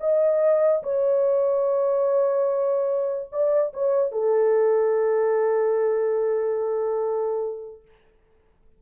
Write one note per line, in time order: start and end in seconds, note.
0.00 0.82 D#5
0.83 3.29 C#5
3.31 3.72 D5
3.73 4.11 C#5
4.11 7.81 A4